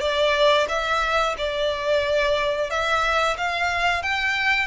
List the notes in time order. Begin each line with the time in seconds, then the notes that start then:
0.00 D5
0.68 E5
1.38 D5
2.70 E5
3.37 F5
4.02 G5